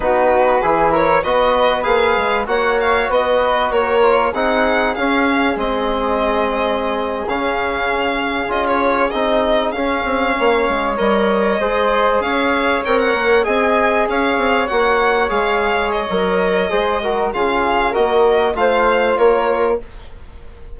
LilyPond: <<
  \new Staff \with { instrumentName = "violin" } { \time 4/4 \tempo 4 = 97 b'4. cis''8 dis''4 f''4 | fis''8 f''8 dis''4 cis''4 fis''4 | f''4 dis''2~ dis''8. f''16~ | f''4.~ f''16 dis''16 cis''8. dis''4 f''16~ |
f''4.~ f''16 dis''2 f''16~ | f''8. g''16 fis''8. gis''4 f''4 fis''16~ | fis''8. f''4 dis''2~ dis''16 | f''4 dis''4 f''4 cis''4 | }
  \new Staff \with { instrumentName = "flute" } { \time 4/4 fis'4 gis'8 ais'8 b'2 | cis''4 b'4 ais'4 gis'4~ | gis'1~ | gis'1~ |
gis'8. cis''2 c''4 cis''16~ | cis''4.~ cis''16 dis''4 cis''4~ cis''16~ | cis''2. c''8 ais'8 | gis'4 ais'4 c''4 ais'4 | }
  \new Staff \with { instrumentName = "trombone" } { \time 4/4 dis'4 e'4 fis'4 gis'4 | fis'2~ fis'8 f'8 dis'4 | cis'4 c'2~ c'8. cis'16~ | cis'4.~ cis'16 f'4 dis'4 cis'16~ |
cis'4.~ cis'16 ais'4 gis'4~ gis'16~ | gis'8. ais'4 gis'2 fis'16~ | fis'8. gis'4~ gis'16 ais'4 gis'8 fis'8 | f'4 fis'4 f'2 | }
  \new Staff \with { instrumentName = "bassoon" } { \time 4/4 b4 e4 b4 ais8 gis8 | ais4 b4 ais4 c'4 | cis'4 gis2~ gis8. cis16~ | cis4.~ cis16 cis'4 c'4 cis'16~ |
cis'16 c'8 ais8 gis8 g4 gis4 cis'16~ | cis'8. c'8 ais8 c'4 cis'8 c'8 ais16~ | ais8. gis4~ gis16 fis4 gis4 | cis4 ais4 a4 ais4 | }
>>